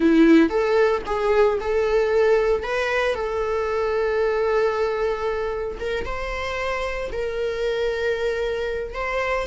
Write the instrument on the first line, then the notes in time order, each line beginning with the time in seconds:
viola
0.00 E4
0.49 A4
1.06 G#4
1.60 A4
2.63 B4
3.14 A4
5.79 A#4
6.05 C5
7.11 A#4
8.94 C5